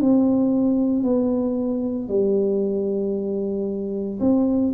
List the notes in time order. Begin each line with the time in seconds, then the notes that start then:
0.00 C4
1.03 B3
2.08 G3
4.20 C4